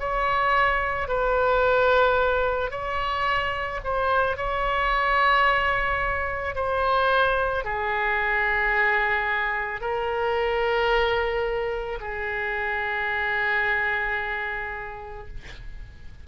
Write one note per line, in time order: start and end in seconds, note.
0.00 1.09 C#5
1.09 2.71 B4
2.71 3.80 C#5
3.84 4.37 C5
4.37 6.56 C#5
6.56 7.65 C5
7.65 9.81 G#4
9.81 12.00 A#4
12.01 15.28 G#4